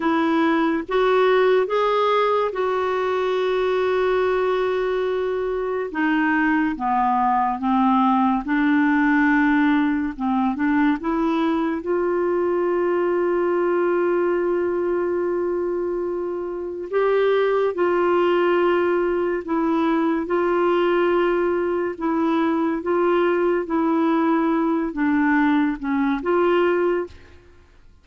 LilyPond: \new Staff \with { instrumentName = "clarinet" } { \time 4/4 \tempo 4 = 71 e'4 fis'4 gis'4 fis'4~ | fis'2. dis'4 | b4 c'4 d'2 | c'8 d'8 e'4 f'2~ |
f'1 | g'4 f'2 e'4 | f'2 e'4 f'4 | e'4. d'4 cis'8 f'4 | }